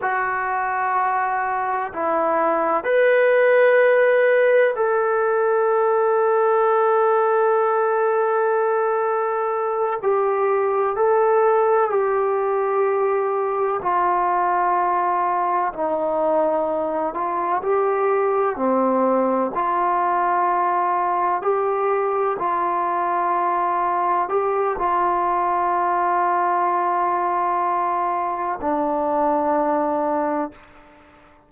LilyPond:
\new Staff \with { instrumentName = "trombone" } { \time 4/4 \tempo 4 = 63 fis'2 e'4 b'4~ | b'4 a'2.~ | a'2~ a'8 g'4 a'8~ | a'8 g'2 f'4.~ |
f'8 dis'4. f'8 g'4 c'8~ | c'8 f'2 g'4 f'8~ | f'4. g'8 f'2~ | f'2 d'2 | }